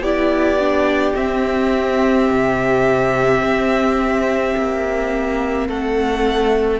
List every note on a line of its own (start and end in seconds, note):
0.00 1.13 B3
0.00 0.59 E4
0.00 5.67 G4
0.00 1.15 D5
0.59 1.15 D4
1.15 6.80 C4
1.15 2.29 C4
1.15 5.67 E5
2.30 3.41 C3
3.41 4.54 C4
4.56 5.68 A#3
5.68 6.80 A3
5.68 6.80 A4
5.68 6.80 F#5